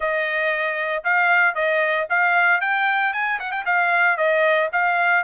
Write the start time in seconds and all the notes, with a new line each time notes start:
0.00 D#5
1.04 F5
1.54 D#5
2.09 F5
2.61 G5
3.13 G#5
3.39 F#5
3.51 G5
3.65 F5
4.17 D#5
4.72 F5